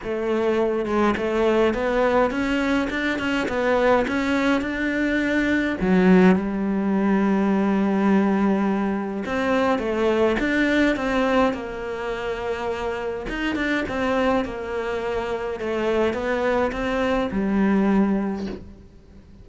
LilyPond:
\new Staff \with { instrumentName = "cello" } { \time 4/4 \tempo 4 = 104 a4. gis8 a4 b4 | cis'4 d'8 cis'8 b4 cis'4 | d'2 fis4 g4~ | g1 |
c'4 a4 d'4 c'4 | ais2. dis'8 d'8 | c'4 ais2 a4 | b4 c'4 g2 | }